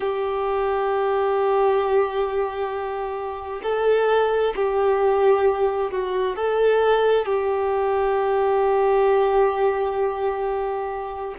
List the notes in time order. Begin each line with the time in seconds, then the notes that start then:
0.00 G4
3.62 A4
4.55 G4
5.91 F#4
6.36 A4
7.25 G4